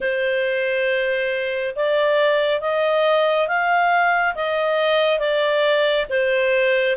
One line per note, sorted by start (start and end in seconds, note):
0.00 1.74 C5
1.75 2.60 D5
2.60 3.47 D#5
3.47 4.34 F5
4.35 5.19 D#5
5.19 6.06 D5
6.09 6.96 C5